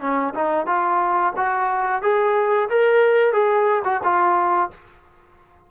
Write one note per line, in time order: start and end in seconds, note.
0.00 0.33 C#4
0.34 0.66 D#4
0.66 1.33 F4
1.36 2.02 F#4
2.02 2.69 G#4
2.69 3.32 A#4
3.32 3.83 G#4
3.84 4.01 F#4
4.04 4.70 F4